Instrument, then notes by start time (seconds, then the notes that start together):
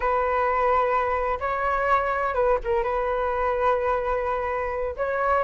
flute
0.00 B4
1.40 C#5
2.34 B4
2.64 A#4
2.83 B4
4.96 C#5